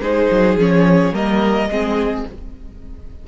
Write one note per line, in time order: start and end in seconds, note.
0.00 0.28 G#3
0.00 0.59 D#4
0.00 1.14 G#4
0.00 0.57 C5
0.31 0.55 F#3
0.55 1.11 F3
0.55 1.13 C#4
0.55 1.14 C#5
1.11 1.67 G3
1.11 1.69 A#3
1.11 1.70 A#4
1.11 2.27 D#5
1.67 2.23 G#3
1.67 2.28 C4
1.67 2.27 G#4